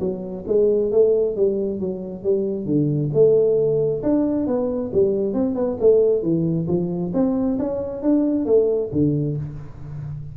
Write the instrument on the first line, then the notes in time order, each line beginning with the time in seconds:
tuba
0.00 F#3
0.47 G#3
0.91 A3
1.36 G3
1.80 F#3
2.23 G3
2.66 D3
3.14 A3
4.03 D4
4.47 B3
4.93 G3
5.34 C4
5.55 B3
5.80 A3
6.22 E3
6.67 F3
7.13 C4
7.59 C#4
8.02 D4
8.46 A3
8.92 D3